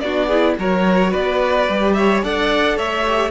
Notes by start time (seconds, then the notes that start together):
0.00 B3 D4 F#4 D5
0.27 E4 G#4
0.58 F#3 F#4 A#4 C#5
1.11 B3 B4 D5
1.68 G3 G4
1.93 C#5 E5
2.22 D4 A4 D5 F#5
2.76 A3 C#5 E5
3.07 G4